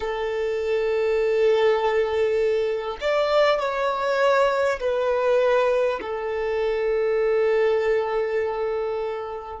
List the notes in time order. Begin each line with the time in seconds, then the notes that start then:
0.00 A4
3.00 D5
3.59 C#5
4.79 B4
6.01 A4